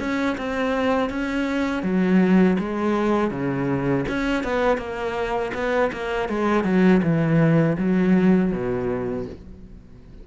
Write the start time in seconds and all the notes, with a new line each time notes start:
0.00 C#4
0.38 C4
1.10 C#4
1.84 F#3
2.59 G#3
3.31 C#3
4.09 C#4
4.44 B3
4.78 A#3
5.55 B3
5.93 A#3
6.29 G#3
6.65 F#3
7.03 E3
7.78 F#3
8.53 B2